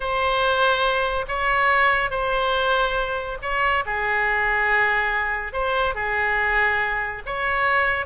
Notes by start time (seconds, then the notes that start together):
0.00 C5
1.28 C#5
2.10 C5
3.42 C#5
3.85 G#4
5.52 C5
5.94 G#4
7.26 C#5